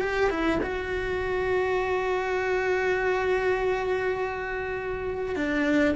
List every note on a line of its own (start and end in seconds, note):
0.00 0.29 G4
0.29 0.59 E4
0.62 5.35 F#4
5.35 5.95 D4